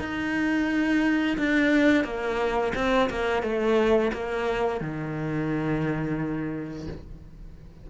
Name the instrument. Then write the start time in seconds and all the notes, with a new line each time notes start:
cello
0.00 D#4
1.38 D4
2.04 A#3
2.75 C4
3.10 A#3
3.43 A3
4.13 A#3
4.81 D#3